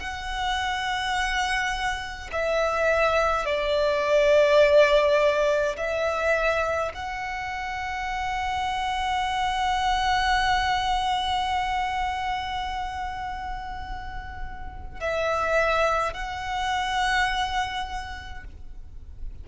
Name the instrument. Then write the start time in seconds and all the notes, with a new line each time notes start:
violin
0.00 F#5
2.32 E5
3.46 D5
5.77 E5
6.95 F#5
15.01 E5
16.14 F#5